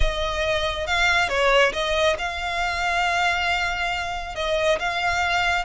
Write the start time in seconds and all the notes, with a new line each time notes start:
0.00 D#5
0.87 F5
1.28 C#5
1.72 D#5
2.18 F5
4.35 D#5
4.79 F5